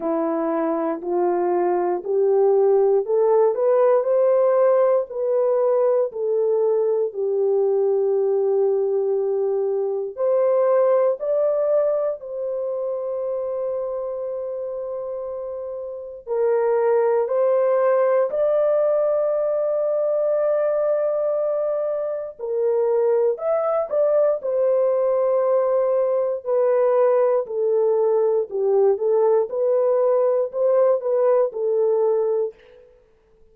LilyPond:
\new Staff \with { instrumentName = "horn" } { \time 4/4 \tempo 4 = 59 e'4 f'4 g'4 a'8 b'8 | c''4 b'4 a'4 g'4~ | g'2 c''4 d''4 | c''1 |
ais'4 c''4 d''2~ | d''2 ais'4 e''8 d''8 | c''2 b'4 a'4 | g'8 a'8 b'4 c''8 b'8 a'4 | }